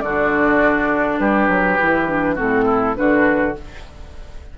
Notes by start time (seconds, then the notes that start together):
0.00 D3 D4 F#4 D5
1.18 G3 G4 B4
1.48 F#3
1.79 E3 E4
2.07 D4
2.35 A2 C4 F#4 A4
2.65 E4
2.94 D3 D4 F#4 B4